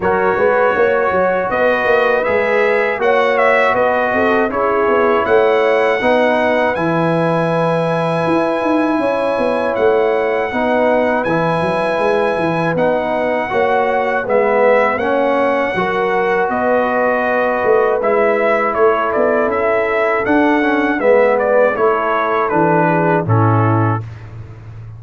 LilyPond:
<<
  \new Staff \with { instrumentName = "trumpet" } { \time 4/4 \tempo 4 = 80 cis''2 dis''4 e''4 | fis''8 e''8 dis''4 cis''4 fis''4~ | fis''4 gis''2.~ | gis''4 fis''2 gis''4~ |
gis''4 fis''2 e''4 | fis''2 dis''2 | e''4 cis''8 d''8 e''4 fis''4 | e''8 d''8 cis''4 b'4 a'4 | }
  \new Staff \with { instrumentName = "horn" } { \time 4/4 ais'8 b'8 cis''4 b'2 | cis''4 b'8 a'8 gis'4 cis''4 | b'1 | cis''2 b'2~ |
b'2 cis''4 b'4 | cis''4 ais'4 b'2~ | b'4 a'2. | b'4 a'4. gis'8 e'4 | }
  \new Staff \with { instrumentName = "trombone" } { \time 4/4 fis'2. gis'4 | fis'2 e'2 | dis'4 e'2.~ | e'2 dis'4 e'4~ |
e'4 dis'4 fis'4 b4 | cis'4 fis'2. | e'2. d'8 cis'8 | b4 e'4 d'4 cis'4 | }
  \new Staff \with { instrumentName = "tuba" } { \time 4/4 fis8 gis8 ais8 fis8 b8 ais8 gis4 | ais4 b8 c'8 cis'8 b8 a4 | b4 e2 e'8 dis'8 | cis'8 b8 a4 b4 e8 fis8 |
gis8 e8 b4 ais4 gis4 | ais4 fis4 b4. a8 | gis4 a8 b8 cis'4 d'4 | gis4 a4 e4 a,4 | }
>>